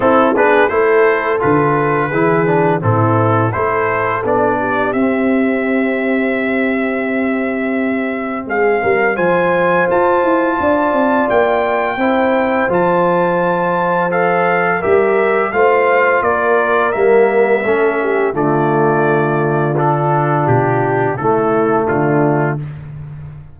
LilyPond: <<
  \new Staff \with { instrumentName = "trumpet" } { \time 4/4 \tempo 4 = 85 a'8 b'8 c''4 b'2 | a'4 c''4 d''4 e''4~ | e''1 | f''4 gis''4 a''2 |
g''2 a''2 | f''4 e''4 f''4 d''4 | e''2 d''2 | a'4 g'4 a'4 f'4 | }
  \new Staff \with { instrumentName = "horn" } { \time 4/4 e'8 gis'8 a'2 gis'4 | e'4 a'4. g'4.~ | g'1 | gis'8 ais'8 c''2 d''4~ |
d''4 c''2.~ | c''4 ais'4 c''4 ais'4~ | ais'4 a'8 g'8 f'2~ | f'2 e'4 d'4 | }
  \new Staff \with { instrumentName = "trombone" } { \time 4/4 c'8 d'8 e'4 f'4 e'8 d'8 | c'4 e'4 d'4 c'4~ | c'1~ | c'4 f'2.~ |
f'4 e'4 f'2 | a'4 g'4 f'2 | ais4 cis'4 a2 | d'2 a2 | }
  \new Staff \with { instrumentName = "tuba" } { \time 4/4 c'8 b8 a4 d4 e4 | a,4 a4 b4 c'4~ | c'1 | gis8 g8 f4 f'8 e'8 d'8 c'8 |
ais4 c'4 f2~ | f4 g4 a4 ais4 | g4 a4 d2~ | d4 b,4 cis4 d4 | }
>>